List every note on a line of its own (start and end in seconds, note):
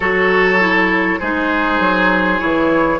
0.00 1.18 F#3
0.00 0.59 F#4
0.00 1.19 A4
0.00 1.19 C#5
0.59 1.20 E4
1.19 1.79 G#3
1.19 2.38 D#4
1.19 2.99 G#4
1.19 2.39 C5
1.79 2.39 F#3
2.38 2.99 E3
2.38 2.98 E4
2.38 2.99 C#5